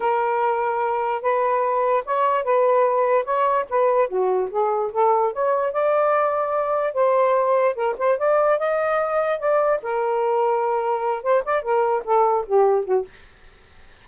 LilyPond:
\new Staff \with { instrumentName = "saxophone" } { \time 4/4 \tempo 4 = 147 ais'2. b'4~ | b'4 cis''4 b'2 | cis''4 b'4 fis'4 gis'4 | a'4 cis''4 d''2~ |
d''4 c''2 ais'8 c''8 | d''4 dis''2 d''4 | ais'2.~ ais'8 c''8 | d''8 ais'4 a'4 g'4 fis'8 | }